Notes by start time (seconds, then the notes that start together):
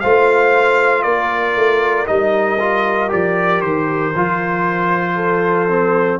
0.00 A3 F4 C5 F5
1.03 A#3 A#4 D5
1.56 A3
2.06 G3 D#4 D#5
2.59 F4
3.08 F3 G4 D5
3.61 D#3 C5
4.16 F3 F4
5.15 A4
5.69 C4